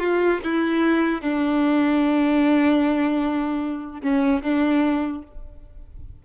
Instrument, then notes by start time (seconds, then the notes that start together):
violin
0.00 F4
0.44 E4
1.22 D4
4.03 C#4
4.43 D4